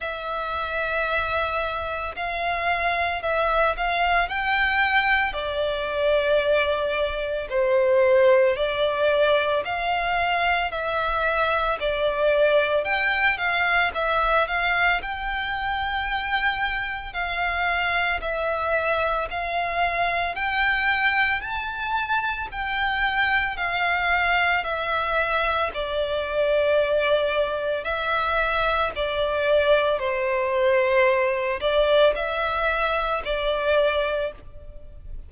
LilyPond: \new Staff \with { instrumentName = "violin" } { \time 4/4 \tempo 4 = 56 e''2 f''4 e''8 f''8 | g''4 d''2 c''4 | d''4 f''4 e''4 d''4 | g''8 f''8 e''8 f''8 g''2 |
f''4 e''4 f''4 g''4 | a''4 g''4 f''4 e''4 | d''2 e''4 d''4 | c''4. d''8 e''4 d''4 | }